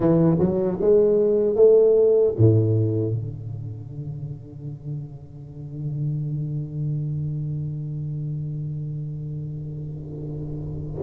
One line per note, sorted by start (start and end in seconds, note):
0.00 0.37 E3
0.39 0.78 F#3
0.80 1.55 G#3
1.55 2.34 A3
2.37 3.14 A2
3.14 11.02 D3